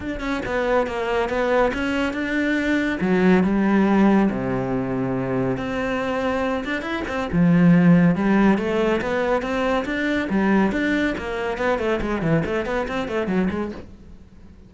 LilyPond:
\new Staff \with { instrumentName = "cello" } { \time 4/4 \tempo 4 = 140 d'8 cis'8 b4 ais4 b4 | cis'4 d'2 fis4 | g2 c2~ | c4 c'2~ c'8 d'8 |
e'8 c'8 f2 g4 | a4 b4 c'4 d'4 | g4 d'4 ais4 b8 a8 | gis8 e8 a8 b8 c'8 a8 fis8 gis8 | }